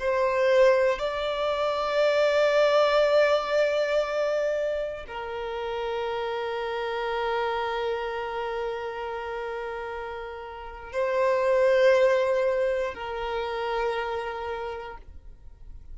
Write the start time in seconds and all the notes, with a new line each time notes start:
0.00 C5
0.99 D5
5.08 A#4
10.93 C5
12.95 A#4